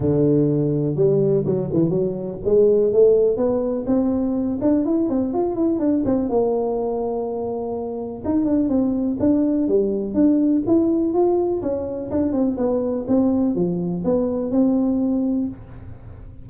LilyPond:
\new Staff \with { instrumentName = "tuba" } { \time 4/4 \tempo 4 = 124 d2 g4 fis8 e8 | fis4 gis4 a4 b4 | c'4. d'8 e'8 c'8 f'8 e'8 | d'8 c'8 ais2.~ |
ais4 dis'8 d'8 c'4 d'4 | g4 d'4 e'4 f'4 | cis'4 d'8 c'8 b4 c'4 | f4 b4 c'2 | }